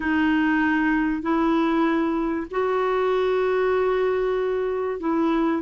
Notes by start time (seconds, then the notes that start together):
0.00 D#4
1.22 E4
2.50 F#4
5.00 E4